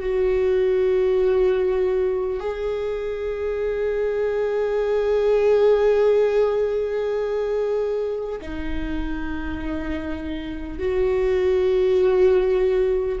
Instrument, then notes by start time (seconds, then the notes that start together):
viola
0.00 F#4
2.40 G#4
8.41 D#4
10.78 F#4